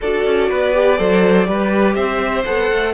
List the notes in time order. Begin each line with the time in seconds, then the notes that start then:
0.00 D4 F#4 A4 D5
0.25 C#4
0.49 B3 B4
0.73 G4
0.97 F#3 A4 C5
1.46 G3 G4 B4
1.94 C4 C5 E5
2.45 B3 A4 F#5
2.71 A3